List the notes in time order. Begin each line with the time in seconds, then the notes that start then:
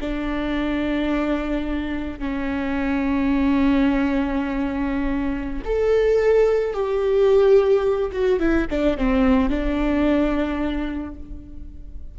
0.00 D4
2.19 C#4
5.64 A4
6.73 G4
8.12 F#4
8.39 E4
8.70 D4
8.97 C4
9.49 D4